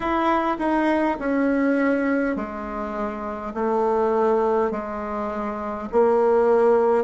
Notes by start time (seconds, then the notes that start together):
0.00 E4
0.58 D#4
1.19 C#4
2.35 G#3
3.53 A3
4.71 G#3
5.91 A#3